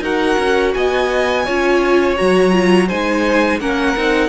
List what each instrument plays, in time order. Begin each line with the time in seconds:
0.00 cello D#4, viola F#4, violin A#4 F#5
0.38 cello C#4
0.74 cello B3, violin D#5 G#5
1.45 cello C#4, viola F4, violin C#5
2.17 cello F#3, viola F#4, violin A#5
2.52 viola F4
2.88 cello G#3, viola D#4, violin C5 G#5
3.60 cello A#3, viola C#4, violin A#4 F#5
3.97 cello C4, viola D#4